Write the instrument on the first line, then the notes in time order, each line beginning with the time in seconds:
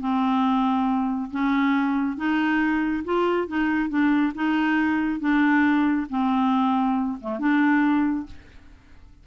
clarinet
0.00 C4
1.31 C#4
2.17 D#4
3.04 F4
3.48 D#4
3.89 D4
4.35 D#4
5.20 D4
6.10 C4
7.21 A3
7.39 D4